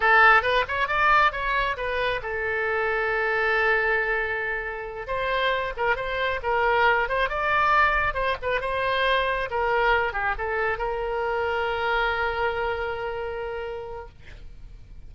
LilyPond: \new Staff \with { instrumentName = "oboe" } { \time 4/4 \tempo 4 = 136 a'4 b'8 cis''8 d''4 cis''4 | b'4 a'2.~ | a'2.~ a'8 c''8~ | c''4 ais'8 c''4 ais'4. |
c''8 d''2 c''8 b'8 c''8~ | c''4. ais'4. g'8 a'8~ | a'8 ais'2.~ ais'8~ | ais'1 | }